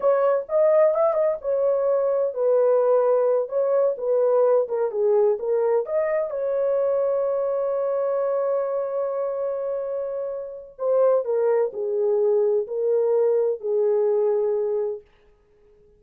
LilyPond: \new Staff \with { instrumentName = "horn" } { \time 4/4 \tempo 4 = 128 cis''4 dis''4 e''8 dis''8 cis''4~ | cis''4 b'2~ b'8 cis''8~ | cis''8 b'4. ais'8 gis'4 ais'8~ | ais'8 dis''4 cis''2~ cis''8~ |
cis''1~ | cis''2. c''4 | ais'4 gis'2 ais'4~ | ais'4 gis'2. | }